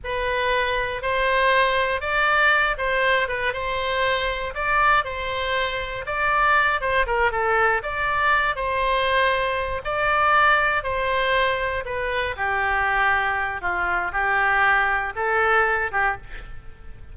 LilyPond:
\new Staff \with { instrumentName = "oboe" } { \time 4/4 \tempo 4 = 119 b'2 c''2 | d''4. c''4 b'8 c''4~ | c''4 d''4 c''2 | d''4. c''8 ais'8 a'4 d''8~ |
d''4 c''2~ c''8 d''8~ | d''4. c''2 b'8~ | b'8 g'2~ g'8 f'4 | g'2 a'4. g'8 | }